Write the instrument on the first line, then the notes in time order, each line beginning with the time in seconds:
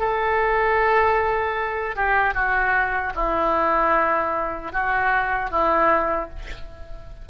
oboe
0.00 A4
1.96 G4
2.35 F#4
3.15 E4
4.73 F#4
5.51 E4